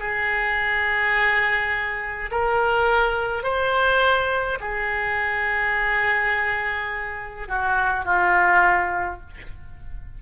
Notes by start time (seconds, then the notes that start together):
0.00 G#4
2.31 A#4
3.44 C5
4.60 G#4
7.48 F#4
8.05 F4